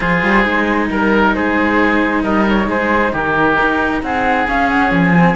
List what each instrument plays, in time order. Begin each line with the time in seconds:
0.00 cello F3 F4, oboe G#4, flute C5
0.22 cello G3
0.43 cello G#3 D#4
0.90 cello G3, flute A#4, oboe A#4
1.35 cello G#3, oboe G#4, flute C5
2.23 cello G3, oboe A#4, flute D#5
2.48 flute C#5
2.67 cello G#3, oboe G#4, flute C5
3.12 cello D#3, oboe G4, flute A#4
3.61 cello D#4
4.02 cello C4, oboe G#4, flute F#5
4.47 cello C#4, flute F5
4.69 flute F#5
4.91 cello F3, flute G#5
5.18 cello C4